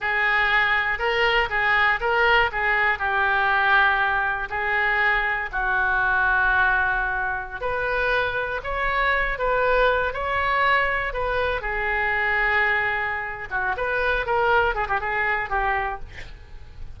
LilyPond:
\new Staff \with { instrumentName = "oboe" } { \time 4/4 \tempo 4 = 120 gis'2 ais'4 gis'4 | ais'4 gis'4 g'2~ | g'4 gis'2 fis'4~ | fis'2.~ fis'16 b'8.~ |
b'4~ b'16 cis''4. b'4~ b'16~ | b'16 cis''2 b'4 gis'8.~ | gis'2. fis'8 b'8~ | b'8 ais'4 gis'16 g'16 gis'4 g'4 | }